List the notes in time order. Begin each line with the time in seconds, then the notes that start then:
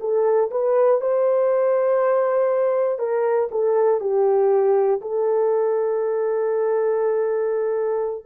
0.00 A4
0.50 B4
1.01 C5
2.99 A#4
3.51 A4
4.00 G4
5.01 A4